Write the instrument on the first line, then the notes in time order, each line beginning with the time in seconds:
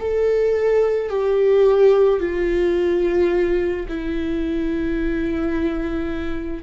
viola
0.00 A4
1.10 G4
2.20 F4
3.88 E4